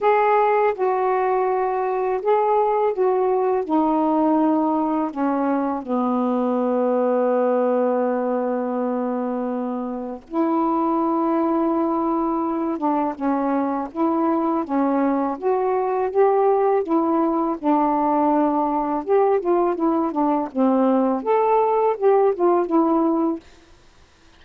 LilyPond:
\new Staff \with { instrumentName = "saxophone" } { \time 4/4 \tempo 4 = 82 gis'4 fis'2 gis'4 | fis'4 dis'2 cis'4 | b1~ | b2 e'2~ |
e'4. d'8 cis'4 e'4 | cis'4 fis'4 g'4 e'4 | d'2 g'8 f'8 e'8 d'8 | c'4 a'4 g'8 f'8 e'4 | }